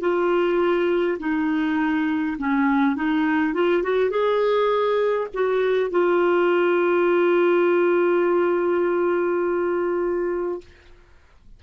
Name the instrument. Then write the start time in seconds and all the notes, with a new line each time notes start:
clarinet
0.00 F4
1.19 D#4
2.38 C#4
2.95 D#4
3.53 F4
3.83 F#4
4.10 G#4
5.34 F#4
5.90 F4